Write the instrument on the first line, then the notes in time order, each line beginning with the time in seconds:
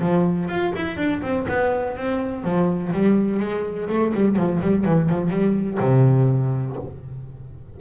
double bass
0.00 F3
0.49 F4
0.76 E4
0.97 D4
1.22 C4
1.48 B3
1.97 C4
2.44 F3
2.93 G3
3.40 G#3
3.89 A3
4.14 G3
4.36 F3
4.61 G3
4.85 E3
5.09 F3
5.30 G3
5.80 C3